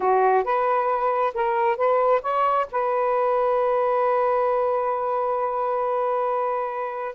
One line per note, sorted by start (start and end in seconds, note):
0.00 0.44 F#4
0.44 1.33 B4
1.34 1.76 A#4
1.76 2.21 B4
2.21 2.66 C#5
2.71 7.15 B4